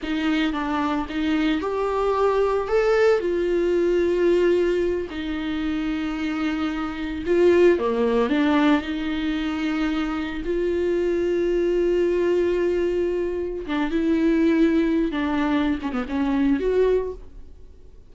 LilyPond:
\new Staff \with { instrumentName = "viola" } { \time 4/4 \tempo 4 = 112 dis'4 d'4 dis'4 g'4~ | g'4 a'4 f'2~ | f'4. dis'2~ dis'8~ | dis'4. f'4 ais4 d'8~ |
d'8 dis'2. f'8~ | f'1~ | f'4. d'8 e'2~ | e'16 d'4~ d'16 cis'16 b16 cis'4 fis'4 | }